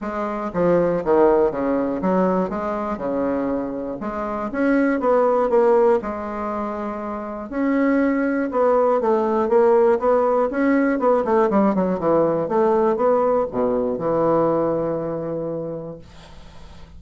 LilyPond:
\new Staff \with { instrumentName = "bassoon" } { \time 4/4 \tempo 4 = 120 gis4 f4 dis4 cis4 | fis4 gis4 cis2 | gis4 cis'4 b4 ais4 | gis2. cis'4~ |
cis'4 b4 a4 ais4 | b4 cis'4 b8 a8 g8 fis8 | e4 a4 b4 b,4 | e1 | }